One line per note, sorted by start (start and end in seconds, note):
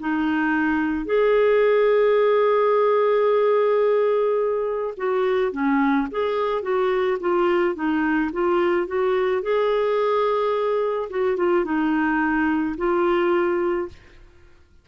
0.00 1.06 D#4
1.06 4.94 G#4
4.97 5.52 F#4
5.52 6.07 C#4
6.11 6.62 G#4
6.62 7.18 F#4
7.20 7.75 F4
7.75 8.30 D#4
8.32 8.87 F4
8.87 9.42 F#4
9.42 11.09 G#4
11.10 11.37 F#4
11.37 11.65 F4
11.65 12.76 D#4
12.77 13.88 F4